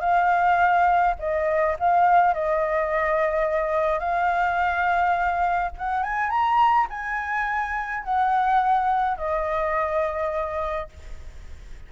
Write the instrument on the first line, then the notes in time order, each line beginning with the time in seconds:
flute
0.00 F5
1.19 D#5
1.79 F5
2.34 D#5
3.99 F5
5.78 F#5
6.03 G#5
6.29 A#5
6.89 G#5
8.04 F#5
9.17 D#5